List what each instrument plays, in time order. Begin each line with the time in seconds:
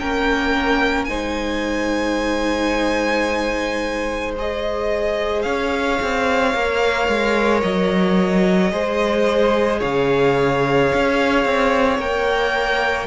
0.00 cello A#3, viola C#4, violin A#4 G5
1.05 cello G#3, viola D#4, violin C5 G#5
4.37 viola G#4, violin D#5
5.42 cello C#4, violin C#5 F5
6.02 cello C4
6.55 cello A#3, viola A#4
7.09 cello G#3
7.62 cello F#3, violin D#5
8.72 cello G#3, viola G#4, violin C5
9.80 cello C#3, violin C#5 F5
10.95 cello C#4
11.45 cello C4
11.99 cello A#3, viola A#4, violin G5